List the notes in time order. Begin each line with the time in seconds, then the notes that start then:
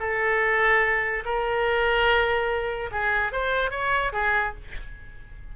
0.00 A4
1.25 A#4
2.92 G#4
3.32 C5
3.71 C#5
4.13 G#4